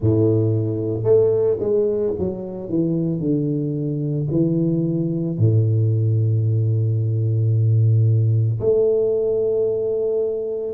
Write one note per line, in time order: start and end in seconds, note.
0.00 1.03 A2
1.03 1.57 A3
1.59 2.13 G#3
2.18 2.69 F#3
2.69 3.19 E3
3.19 4.27 D3
4.31 5.38 E3
5.38 8.59 A2
8.60 10.73 A3